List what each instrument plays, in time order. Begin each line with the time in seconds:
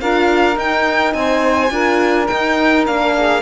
0.00 cello D4, horn F4, saxophone A#4, violin F5
0.55 horn D#4, cello D#4, violin G5
1.13 cello C4, saxophone C5, violin G#5
1.70 cello D4, horn F4, saxophone A#4
2.27 horn D#4, cello D#4, violin G5
2.85 cello A#3, horn D4, violin F5
3.16 saxophone G#4